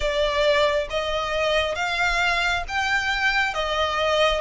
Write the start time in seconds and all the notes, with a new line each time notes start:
0.00 D5
0.89 D#5
1.75 F5
2.68 G5
3.53 D#5